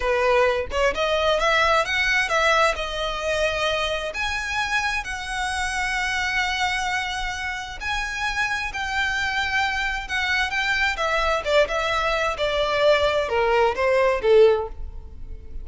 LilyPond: \new Staff \with { instrumentName = "violin" } { \time 4/4 \tempo 4 = 131 b'4. cis''8 dis''4 e''4 | fis''4 e''4 dis''2~ | dis''4 gis''2 fis''4~ | fis''1~ |
fis''4 gis''2 g''4~ | g''2 fis''4 g''4 | e''4 d''8 e''4. d''4~ | d''4 ais'4 c''4 a'4 | }